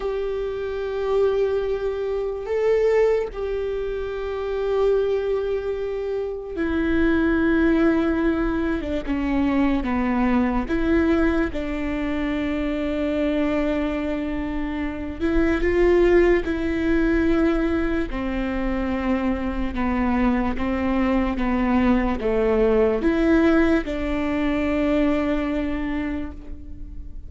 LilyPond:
\new Staff \with { instrumentName = "viola" } { \time 4/4 \tempo 4 = 73 g'2. a'4 | g'1 | e'2~ e'8. d'16 cis'4 | b4 e'4 d'2~ |
d'2~ d'8 e'8 f'4 | e'2 c'2 | b4 c'4 b4 a4 | e'4 d'2. | }